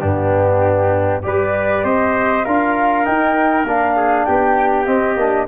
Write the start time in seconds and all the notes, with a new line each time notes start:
0.00 G2 B3 D4 G4
1.23 G3 G4 B4 D5
1.84 C4 C5 D#5
2.45 D4 F4 A#4 F5
3.05 D#4 G5
3.65 A#3 D4 F5
3.97 G#4
4.26 B3 G4 G5
4.86 C4 D#5
5.17 A#3 D4